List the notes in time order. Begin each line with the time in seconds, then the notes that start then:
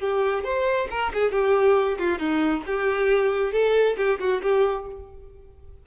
0.00 G4
0.44 C5
0.91 A#4
1.14 G#4
1.32 G4
1.99 F4
2.19 D#4
2.67 G4
3.53 A4
3.97 G4
4.20 F#4
4.43 G4